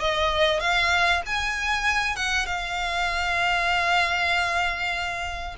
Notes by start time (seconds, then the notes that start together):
0.00 D#5
0.60 F5
1.26 G#5
2.16 F#5
2.46 F5